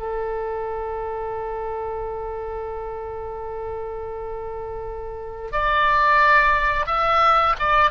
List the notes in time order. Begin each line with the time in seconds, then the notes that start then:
0.00 A4
5.53 D5
6.87 E5
7.60 D5